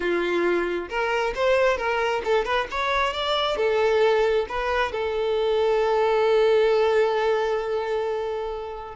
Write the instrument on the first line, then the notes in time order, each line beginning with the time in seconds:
violin
0.00 F4
0.89 A#4
1.35 C5
1.77 A#4
2.24 A4
2.44 B4
2.70 C#5
3.13 D5
3.56 A4
4.48 B4
4.92 A4